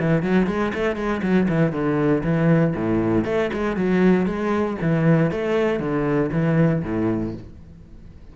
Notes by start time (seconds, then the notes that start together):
0.00 E3
0.22 F#3
0.47 G#3
0.74 A3
0.96 G#3
1.22 F#3
1.49 E3
1.72 D3
2.24 E3
2.76 A2
3.25 A3
3.53 G#3
3.77 F#3
4.26 G#3
4.82 E3
5.31 A3
5.80 D3
6.32 E3
6.83 A2